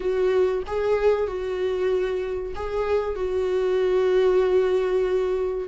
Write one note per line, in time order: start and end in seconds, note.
0.00 0.63 F#4
0.66 1.27 G#4
1.27 2.53 F#4
2.55 3.15 G#4
3.15 5.68 F#4